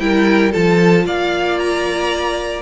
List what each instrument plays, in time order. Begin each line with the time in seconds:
0.00 cello G3, viola E4, violin A#4 G5
0.51 cello F3, viola F4, violin A4 A5
1.06 cello A#3, violin D5 F5
1.59 violin A#5